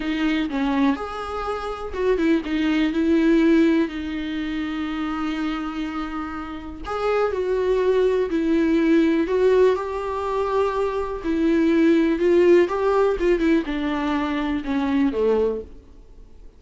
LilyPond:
\new Staff \with { instrumentName = "viola" } { \time 4/4 \tempo 4 = 123 dis'4 cis'4 gis'2 | fis'8 e'8 dis'4 e'2 | dis'1~ | dis'2 gis'4 fis'4~ |
fis'4 e'2 fis'4 | g'2. e'4~ | e'4 f'4 g'4 f'8 e'8 | d'2 cis'4 a4 | }